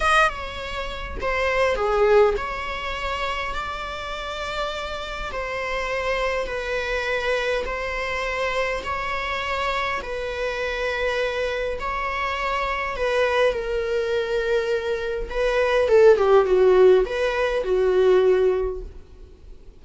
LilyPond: \new Staff \with { instrumentName = "viola" } { \time 4/4 \tempo 4 = 102 dis''8 cis''4. c''4 gis'4 | cis''2 d''2~ | d''4 c''2 b'4~ | b'4 c''2 cis''4~ |
cis''4 b'2. | cis''2 b'4 ais'4~ | ais'2 b'4 a'8 g'8 | fis'4 b'4 fis'2 | }